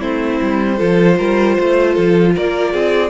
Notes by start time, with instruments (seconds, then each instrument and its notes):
0.00 cello A3, viola C4, violin E4 C5
0.42 cello G3
0.78 cello F3, viola F4, violin A4
1.18 cello G3, violin A#4
1.56 cello A3, violin C5
1.94 cello F3, violin A4
2.35 cello A#3, violin A#4 D5
2.73 cello C4, violin G#4